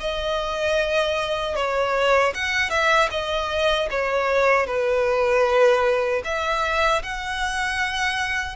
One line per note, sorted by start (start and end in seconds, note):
0.00 1.56 D#5
1.56 2.34 C#5
2.34 2.70 F#5
2.70 3.09 E5
3.11 3.89 D#5
3.91 4.67 C#5
4.67 6.23 B4
6.24 7.02 E5
7.03 8.56 F#5